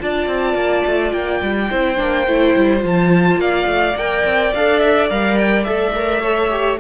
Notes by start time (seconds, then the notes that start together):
0.00 D4 F4 D5 A5
0.27 C4
0.54 A#3
0.86 A3
1.12 A#3 G5
1.42 G3
1.70 C4 E4 C5
1.96 A#3 D4
2.27 A3 E4
2.56 G3
2.79 F3 F4
2.87 A5
3.36 A#3 D5 F5
3.67 A3
3.96 A#3 A#4 G5
4.24 C4
4.54 D4 A4 F5
4.79 E5
5.10 G3 A#4 F5
5.38 G5
5.64 A3 A4 E5
5.95 A#4
6.22 A4 C#5
6.50 G4